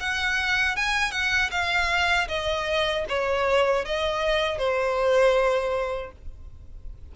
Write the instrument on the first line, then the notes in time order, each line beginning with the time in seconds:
violin
0.00 F#5
0.77 G#5
1.12 F#5
1.51 F5
2.29 D#5
3.09 C#5
3.85 D#5
4.58 C5